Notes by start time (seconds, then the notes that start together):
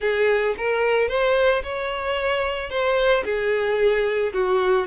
0.00 G#4
0.57 A#4
1.08 C5
1.63 C#5
2.70 C5
3.24 G#4
4.33 F#4